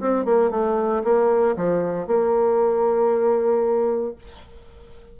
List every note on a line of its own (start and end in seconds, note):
0.00 0.25 C4
0.25 0.51 A#3
0.51 1.03 A3
1.04 1.56 A#3
1.56 2.07 F3
2.07 4.15 A#3